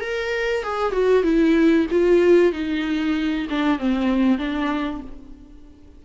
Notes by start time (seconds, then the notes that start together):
0.00 A#4
0.63 G#4
0.92 F#4
1.23 E4
1.91 F4
2.52 D#4
3.50 D4
3.79 C4
4.38 D4